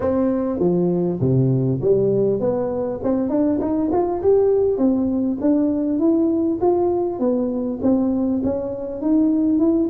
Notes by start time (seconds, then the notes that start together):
0.00 C4
0.59 F3
1.20 C3
1.81 G3
2.39 B3
3.03 C4
3.29 D4
3.60 D#4
3.92 F4
4.22 G4
4.77 C4
5.40 D4
5.98 E4
6.60 F4
7.19 B3
7.82 C4
8.43 C#4
9.01 D#4
9.58 E4